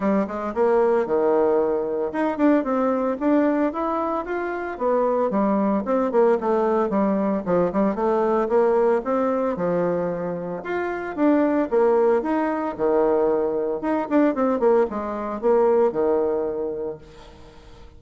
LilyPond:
\new Staff \with { instrumentName = "bassoon" } { \time 4/4 \tempo 4 = 113 g8 gis8 ais4 dis2 | dis'8 d'8 c'4 d'4 e'4 | f'4 b4 g4 c'8 ais8 | a4 g4 f8 g8 a4 |
ais4 c'4 f2 | f'4 d'4 ais4 dis'4 | dis2 dis'8 d'8 c'8 ais8 | gis4 ais4 dis2 | }